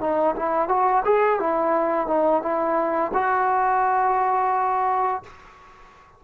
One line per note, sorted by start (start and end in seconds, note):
0.00 0.35 D#4
0.36 0.68 E4
0.68 1.03 F#4
1.04 1.39 G#4
1.39 2.07 E4
2.07 2.42 D#4
2.42 3.11 E4
3.13 5.23 F#4